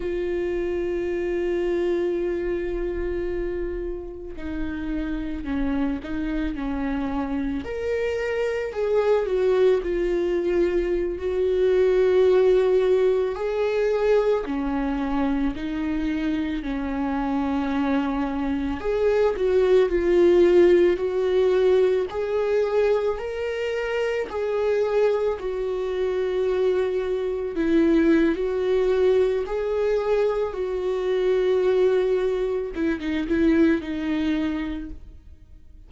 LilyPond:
\new Staff \with { instrumentName = "viola" } { \time 4/4 \tempo 4 = 55 f'1 | dis'4 cis'8 dis'8 cis'4 ais'4 | gis'8 fis'8 f'4~ f'16 fis'4.~ fis'16~ | fis'16 gis'4 cis'4 dis'4 cis'8.~ |
cis'4~ cis'16 gis'8 fis'8 f'4 fis'8.~ | fis'16 gis'4 ais'4 gis'4 fis'8.~ | fis'4~ fis'16 e'8. fis'4 gis'4 | fis'2 e'16 dis'16 e'8 dis'4 | }